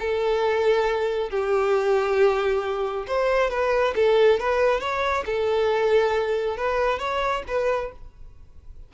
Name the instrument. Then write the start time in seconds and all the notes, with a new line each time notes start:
violin
0.00 A4
1.31 G4
3.07 C5
3.51 B4
3.96 A4
4.40 B4
4.81 C#5
5.26 A4
6.58 B4
6.99 C#5
7.48 B4